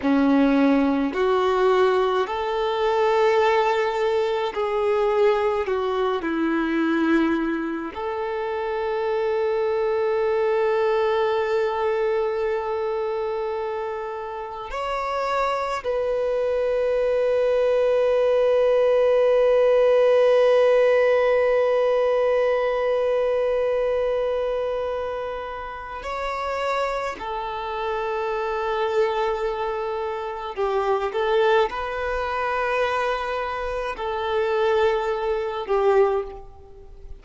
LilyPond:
\new Staff \with { instrumentName = "violin" } { \time 4/4 \tempo 4 = 53 cis'4 fis'4 a'2 | gis'4 fis'8 e'4. a'4~ | a'1~ | a'4 cis''4 b'2~ |
b'1~ | b'2. cis''4 | a'2. g'8 a'8 | b'2 a'4. g'8 | }